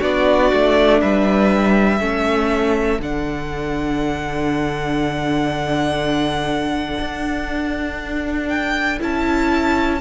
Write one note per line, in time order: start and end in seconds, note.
0.00 0.51 B3
0.00 2.00 D4
0.00 1.00 F#4
0.00 1.01 D5
0.52 1.02 A3
1.00 2.00 G3
1.00 2.00 B4
1.00 3.01 E5
2.00 2.99 A3
2.00 3.00 C#4
2.00 10.00 A4
2.99 6.99 D3
2.99 8.99 D4
2.99 8.49 F#5
6.99 8.99 D4
8.49 8.99 G5
8.99 10.01 C#4
8.99 9.99 E4
8.99 10.01 A5